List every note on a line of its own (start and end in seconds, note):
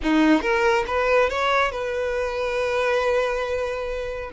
0.02 0.41 D#4
0.41 0.84 A#4
0.87 1.29 B4
1.29 1.71 C#5
1.71 4.30 B4